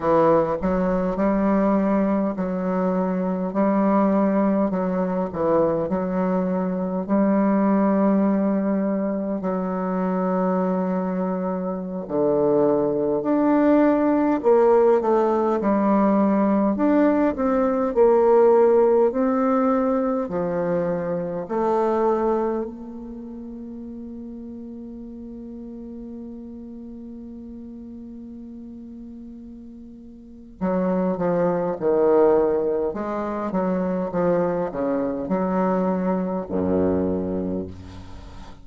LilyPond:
\new Staff \with { instrumentName = "bassoon" } { \time 4/4 \tempo 4 = 51 e8 fis8 g4 fis4 g4 | fis8 e8 fis4 g2 | fis2~ fis16 d4 d'8.~ | d'16 ais8 a8 g4 d'8 c'8 ais8.~ |
ais16 c'4 f4 a4 ais8.~ | ais1~ | ais2 fis8 f8 dis4 | gis8 fis8 f8 cis8 fis4 fis,4 | }